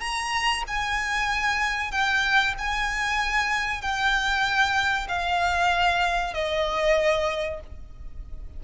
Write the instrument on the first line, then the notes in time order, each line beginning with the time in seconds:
violin
0.00 A#5
0.67 G#5
1.91 G5
2.58 G#5
3.81 G5
5.08 F5
6.34 D#5